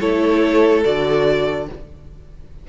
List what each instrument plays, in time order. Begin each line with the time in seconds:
0.00 cello A3, viola E4, violin A4 C#5
0.84 cello D3, viola F#4, violin D5